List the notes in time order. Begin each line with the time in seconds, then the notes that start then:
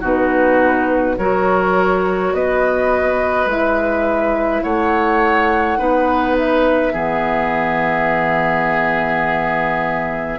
0.00 B2 D#4 F#4 B4
1.18 F#3 F#4 A#4 C#5
2.32 B3 B4 D#5
3.45 G#3 E4 E5
4.62 A3 C#5 F#5
5.77 B3 D#4 B4
6.38 E5
6.92 E3 B3 G#4